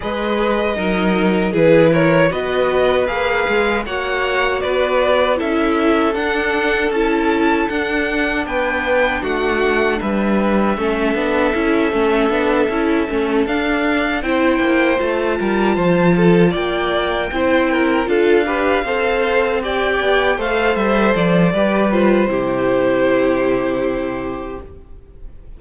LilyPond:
<<
  \new Staff \with { instrumentName = "violin" } { \time 4/4 \tempo 4 = 78 dis''2 b'8 cis''8 dis''4 | f''4 fis''4 d''4 e''4 | fis''4 a''4 fis''4 g''4 | fis''4 e''2.~ |
e''4. f''4 g''4 a''8~ | a''4. g''2 f''8~ | f''4. g''4 f''8 e''8 d''8~ | d''8 c''2.~ c''8 | }
  \new Staff \with { instrumentName = "violin" } { \time 4/4 b'4 ais'4 gis'8 ais'8 b'4~ | b'4 cis''4 b'4 a'4~ | a'2. b'4 | fis'4 b'4 a'2~ |
a'2~ a'8 c''4. | ais'8 c''8 a'8 d''4 c''8 ais'8 a'8 | b'8 c''4 d''4 c''4. | b'4 g'2. | }
  \new Staff \with { instrumentName = "viola" } { \time 4/4 gis'4 dis'4 e'4 fis'4 | gis'4 fis'2 e'4 | d'4 e'4 d'2~ | d'2 cis'8 d'8 e'8 cis'8 |
d'8 e'8 cis'8 d'4 e'4 f'8~ | f'2~ f'8 e'4 f'8 | g'8 a'4 g'4 a'4. | g'8 f'8 e'2. | }
  \new Staff \with { instrumentName = "cello" } { \time 4/4 gis4 fis4 e4 b4 | ais8 gis8 ais4 b4 cis'4 | d'4 cis'4 d'4 b4 | a4 g4 a8 b8 cis'8 a8 |
b8 cis'8 a8 d'4 c'8 ais8 a8 | g8 f4 ais4 c'4 d'8~ | d'8 c'4. b8 a8 g8 f8 | g4 c2. | }
>>